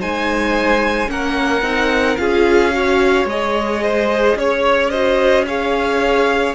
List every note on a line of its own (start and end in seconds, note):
0.00 1.09 G#3
0.00 1.07 D#4
0.00 1.09 C5
0.00 1.10 G#5
1.07 1.62 A#3
1.07 1.61 C#4
1.07 2.20 A#4
1.07 2.17 F#5
1.62 2.16 C4
1.62 2.17 D#4
2.17 3.25 C#4
2.17 2.72 F4
2.17 2.74 G#4
2.17 3.26 F5
2.72 3.27 F#4
2.72 3.83 C#5
3.25 4.34 G#3
3.25 4.92 G#4
3.25 4.38 D#5
3.83 4.37 C5
4.35 6.53 C#4
4.35 4.90 C#5
4.90 5.47 F#4
4.90 5.45 C5
4.90 5.44 D#5
5.47 6.54 G#4
5.47 6.54 C#5
5.47 6.54 F5